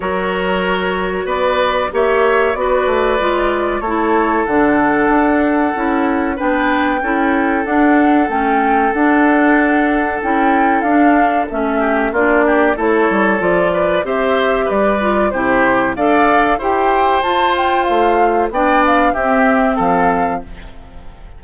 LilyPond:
<<
  \new Staff \with { instrumentName = "flute" } { \time 4/4 \tempo 4 = 94 cis''2 d''4 e''4 | d''2 cis''4 fis''4~ | fis''2 g''2 | fis''4 g''4 fis''2 |
g''4 f''4 e''4 d''4 | cis''4 d''4 e''4 d''4 | c''4 f''4 g''4 a''8 g''8 | f''4 g''8 f''8 e''4 f''4 | }
  \new Staff \with { instrumentName = "oboe" } { \time 4/4 ais'2 b'4 cis''4 | b'2 a'2~ | a'2 b'4 a'4~ | a'1~ |
a'2~ a'8 g'8 f'8 g'8 | a'4. b'8 c''4 b'4 | g'4 d''4 c''2~ | c''4 d''4 g'4 a'4 | }
  \new Staff \with { instrumentName = "clarinet" } { \time 4/4 fis'2. g'4 | fis'4 f'4 e'4 d'4~ | d'4 e'4 d'4 e'4 | d'4 cis'4 d'2 |
e'4 d'4 cis'4 d'4 | e'4 f'4 g'4. f'8 | e'4 a'4 g'4 f'4~ | f'4 d'4 c'2 | }
  \new Staff \with { instrumentName = "bassoon" } { \time 4/4 fis2 b4 ais4 | b8 a8 gis4 a4 d4 | d'4 cis'4 b4 cis'4 | d'4 a4 d'2 |
cis'4 d'4 a4 ais4 | a8 g8 f4 c'4 g4 | c4 d'4 e'4 f'4 | a4 b4 c'4 f4 | }
>>